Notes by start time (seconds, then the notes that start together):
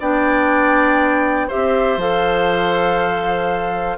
0.00 B3 D4 D5 G5
1.48 G4 C5 E5
1.55 C4
1.97 F3 A4 F5